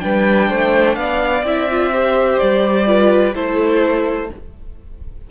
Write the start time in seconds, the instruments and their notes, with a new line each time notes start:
0.00 cello G3, viola D4, violin B4 G5
0.49 cello A3, violin C5
0.96 cello B3, violin D5 F5
1.43 cello C4, viola E4, violin E5
1.70 viola F4
1.93 viola G4, violin C5
2.39 cello G3, violin D5
2.87 viola F4, violin B4
3.35 cello A3, viola E4, violin A4 C5